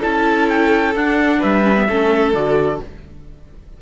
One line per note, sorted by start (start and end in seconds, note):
0.00 0.95 C#4
0.00 0.95 E4
0.00 1.38 A4
0.00 0.49 A5
0.49 0.95 G5
0.95 1.41 D4
0.95 1.64 D4
0.95 1.42 F#5
1.39 1.88 G3
1.39 1.85 B4
1.39 2.34 E5
1.64 1.76 C#4
1.76 1.87 B3
1.88 2.33 A3
1.88 2.35 C#4
1.88 2.81 A4
2.33 2.80 D3
2.33 2.82 F#4
2.33 2.80 D5